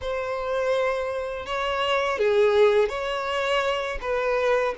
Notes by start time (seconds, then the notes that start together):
0.01 C5
1.46 C#5
2.18 G#4
2.88 C#5
4.01 B4